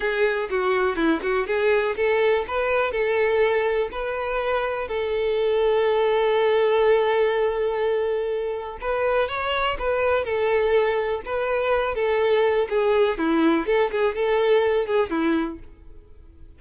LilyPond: \new Staff \with { instrumentName = "violin" } { \time 4/4 \tempo 4 = 123 gis'4 fis'4 e'8 fis'8 gis'4 | a'4 b'4 a'2 | b'2 a'2~ | a'1~ |
a'2 b'4 cis''4 | b'4 a'2 b'4~ | b'8 a'4. gis'4 e'4 | a'8 gis'8 a'4. gis'8 e'4 | }